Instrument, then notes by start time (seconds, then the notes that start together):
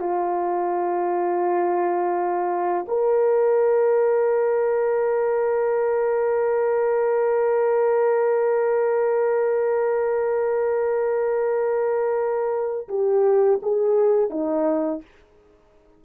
horn
0.00 F4
2.88 A#4
12.89 G4
13.62 G#4
14.30 D#4